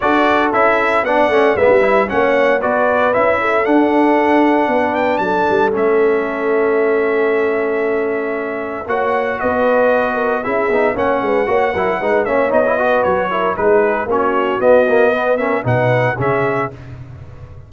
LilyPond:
<<
  \new Staff \with { instrumentName = "trumpet" } { \time 4/4 \tempo 4 = 115 d''4 e''4 fis''4 e''4 | fis''4 d''4 e''4 fis''4~ | fis''4. g''8 a''4 e''4~ | e''1~ |
e''4 fis''4 dis''2 | e''4 fis''2~ fis''8 e''8 | dis''4 cis''4 b'4 cis''4 | dis''4. e''8 fis''4 e''4 | }
  \new Staff \with { instrumentName = "horn" } { \time 4/4 a'2 d''4 b'4 | cis''4 b'4. a'4.~ | a'4 b'4 a'2~ | a'1~ |
a'4 cis''4 b'4. ais'8 | gis'4 cis''8 b'8 cis''8 ais'8 b'8 cis''8~ | cis''8 b'4 ais'8 gis'4 fis'4~ | fis'4 b'8 ais'8 b'4 gis'4 | }
  \new Staff \with { instrumentName = "trombone" } { \time 4/4 fis'4 e'4 d'8 cis'8 b8 e'8 | cis'4 fis'4 e'4 d'4~ | d'2. cis'4~ | cis'1~ |
cis'4 fis'2. | e'8 dis'8 cis'4 fis'8 e'8 dis'8 cis'8 | dis'16 e'16 fis'4 e'8 dis'4 cis'4 | b8 ais8 b8 cis'8 dis'4 cis'4 | }
  \new Staff \with { instrumentName = "tuba" } { \time 4/4 d'4 cis'4 b8 a8 gis16 g8. | ais4 b4 cis'4 d'4~ | d'4 b4 fis8 g8 a4~ | a1~ |
a4 ais4 b2 | cis'8 b8 ais8 gis8 ais8 fis8 gis8 ais8 | b4 fis4 gis4 ais4 | b2 b,4 cis4 | }
>>